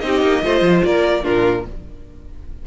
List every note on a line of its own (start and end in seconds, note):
0.00 0.22 C4
0.00 0.42 D#4
0.00 0.82 D#5
0.06 0.45 G4
0.22 0.43 A#3
0.42 0.61 A3
0.42 1.22 F4
0.42 0.86 C5
0.61 0.82 F3
0.84 1.25 A#3
0.84 1.24 A#4
0.84 1.24 D5
1.22 1.67 A#2
1.22 1.63 D4
1.22 1.65 F4
1.22 1.66 A#4